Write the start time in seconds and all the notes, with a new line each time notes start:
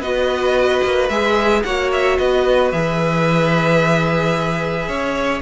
0.00 B3 F#4 B4 D#5
0.84 A#3
1.09 G#3 G#4 E5
1.64 A#3 F#4 C#5 F#5
1.93 E5
2.18 B3 B4 D#5
2.72 E3 G#4 E5
4.88 C#4 C#5